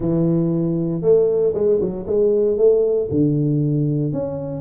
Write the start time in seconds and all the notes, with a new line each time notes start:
0.00 E3
1.02 A3
1.53 G#3
1.80 F#3
2.06 G#3
2.57 A3
3.10 D3
4.12 C#4